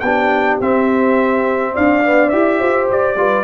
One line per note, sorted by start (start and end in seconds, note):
0.00 0.59 B3
0.00 0.61 D4
0.00 1.74 G4
0.00 0.57 G5
0.61 1.75 C4
0.61 2.04 C4
0.61 1.76 E5
1.74 2.33 D4
1.74 2.59 D5
1.74 2.30 F5
2.04 2.32 B3
2.30 2.61 E4
2.30 3.17 G4
2.30 2.87 E5
2.59 2.90 F4
2.59 3.17 C5
2.90 3.16 G4
2.90 3.44 D5
3.16 3.44 G3
3.16 3.44 F4
3.16 3.44 B4